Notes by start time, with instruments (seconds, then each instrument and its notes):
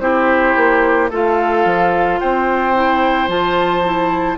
0.00 bassoon C4, clarinet E4, oboe G4, flute C5
0.57 bassoon A#3
1.10 bassoon A3, clarinet F4, oboe A4, flute F5
1.65 bassoon F3
2.20 bassoon C4, oboe C5, flute G5
2.75 clarinet E4
3.29 bassoon F3, clarinet F4, flute A5
3.85 clarinet E4